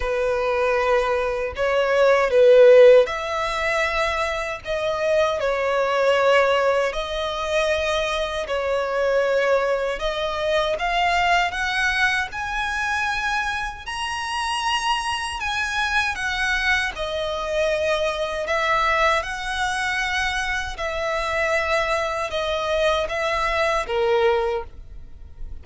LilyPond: \new Staff \with { instrumentName = "violin" } { \time 4/4 \tempo 4 = 78 b'2 cis''4 b'4 | e''2 dis''4 cis''4~ | cis''4 dis''2 cis''4~ | cis''4 dis''4 f''4 fis''4 |
gis''2 ais''2 | gis''4 fis''4 dis''2 | e''4 fis''2 e''4~ | e''4 dis''4 e''4 ais'4 | }